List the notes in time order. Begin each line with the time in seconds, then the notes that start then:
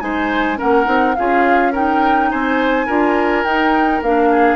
0.00 G#3 D#4 C5 G#5
0.56 C#4 A#4 F#5
0.62 A#3
0.84 C4 D#4
1.15 C#4 F4 G#4 F5
1.72 D#4 A#4 G5
2.31 C4 C5 G#5
2.86 D4 F4 A#4
3.44 D#4 G5
4.01 A#3 D4 F5
4.30 G#4